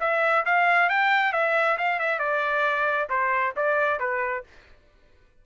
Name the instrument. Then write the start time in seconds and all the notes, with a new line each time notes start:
trumpet
0.00 E5
0.45 F5
0.89 G5
1.33 E5
1.78 F5
1.99 E5
2.19 D5
3.09 C5
3.56 D5
3.99 B4